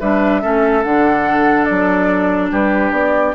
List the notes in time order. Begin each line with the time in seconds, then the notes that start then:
0.00 G3 D4 B4 E5
0.41 A3 C#4 A4
0.83 D3 D4 F#5
1.65 F#3 D5
2.51 G3 G4 B4
2.91 B3 D5